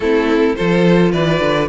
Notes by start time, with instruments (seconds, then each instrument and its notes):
0.00 cello A3, viola C4, violin E4 A4
0.55 cello F3, viola F4, violin A4 C5
1.12 cello E3, violin B4 D5
1.40 cello D3